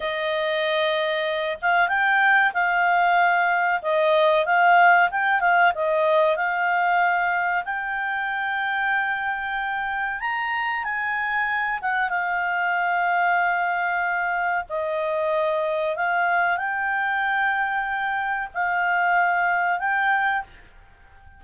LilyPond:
\new Staff \with { instrumentName = "clarinet" } { \time 4/4 \tempo 4 = 94 dis''2~ dis''8 f''8 g''4 | f''2 dis''4 f''4 | g''8 f''8 dis''4 f''2 | g''1 |
ais''4 gis''4. fis''8 f''4~ | f''2. dis''4~ | dis''4 f''4 g''2~ | g''4 f''2 g''4 | }